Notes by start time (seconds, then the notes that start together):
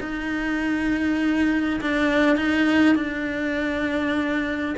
0.00 D#4
1.81 D4
2.36 D#4
2.95 D4